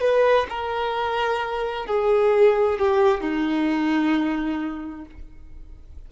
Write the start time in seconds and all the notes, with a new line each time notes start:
0.00 B4
0.49 A#4
1.86 G#4
2.78 G4
3.21 D#4